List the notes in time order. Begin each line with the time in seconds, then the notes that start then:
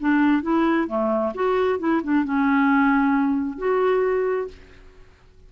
0.00 D4
0.42 E4
0.87 A3
1.34 F#4
1.79 E4
2.03 D4
2.24 C#4
3.58 F#4